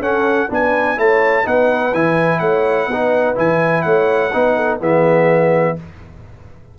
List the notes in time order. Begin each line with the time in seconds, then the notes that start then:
0.00 C#4 A4 F#5
0.48 B3 D4 B4 G#5
0.97 A3 E4 C#5 A5
1.43 B3 D#4 B4 F#5
1.94 E3 E4 G#5
2.39 A3 C#5 F#5
2.88 B3 D#4 B4
3.35 E3 E4 G#5
3.82 A3 C#5 F#5
4.33 B3 D#4 B4
4.57 A4
4.80 E3 B3 G#4 E5